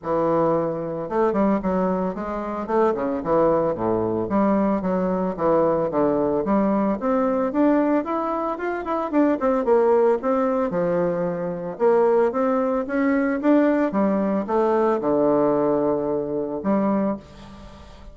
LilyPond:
\new Staff \with { instrumentName = "bassoon" } { \time 4/4 \tempo 4 = 112 e2 a8 g8 fis4 | gis4 a8 cis8 e4 a,4 | g4 fis4 e4 d4 | g4 c'4 d'4 e'4 |
f'8 e'8 d'8 c'8 ais4 c'4 | f2 ais4 c'4 | cis'4 d'4 g4 a4 | d2. g4 | }